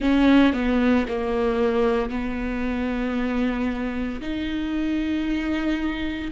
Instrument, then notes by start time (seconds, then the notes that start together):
viola
0.00 C#4
0.53 B3
1.08 A#3
2.10 B3
4.21 D#4